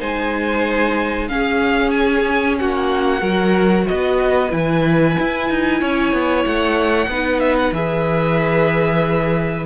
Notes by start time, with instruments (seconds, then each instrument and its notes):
0.00 cello G#3, viola D#4, violin C5 G#5
1.28 viola C#4, cello C#4, violin G#4 F5
1.91 violin G#5
2.59 cello A#3, violin F#4 F#5
3.20 cello F#3, viola F#4, violin A#4
3.88 cello B3, violin B4 D#5
4.50 cello E3, viola E4, violin G#5
5.20 cello E4
5.50 cello D#4
5.80 cello C#4, violin C#5
6.13 cello B3
6.45 cello A3, violin F#5
7.07 cello B3, viola D#4, violin B4
7.40 violin E5
7.57 violin F#5
7.72 cello E3, viola G#4, violin E5